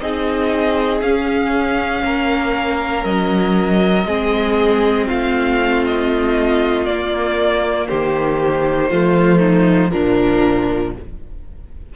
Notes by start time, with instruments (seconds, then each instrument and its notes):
0.00 cello C4, viola D#4, violin G#4 D#5
1.01 cello C#4, viola C#4, violin F5
2.03 cello A#3, violin A#4
3.04 cello F#3, violin D#5
4.05 cello G#3, viola C4, violin G#4
5.07 cello A3, violin F4 F5
5.86 violin D#5
6.85 viola A#3, cello A#3, violin D5
7.87 cello D#3, violin G4 C5
8.90 cello F3, viola A3, violin F4
9.39 violin D#4
9.90 cello A#2, viola F3, violin D4 A#4